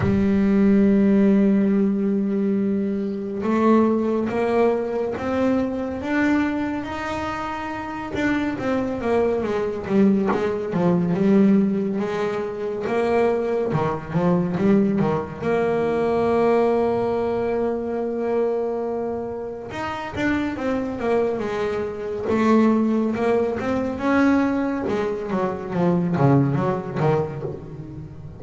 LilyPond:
\new Staff \with { instrumentName = "double bass" } { \time 4/4 \tempo 4 = 70 g1 | a4 ais4 c'4 d'4 | dis'4. d'8 c'8 ais8 gis8 g8 | gis8 f8 g4 gis4 ais4 |
dis8 f8 g8 dis8 ais2~ | ais2. dis'8 d'8 | c'8 ais8 gis4 a4 ais8 c'8 | cis'4 gis8 fis8 f8 cis8 fis8 dis8 | }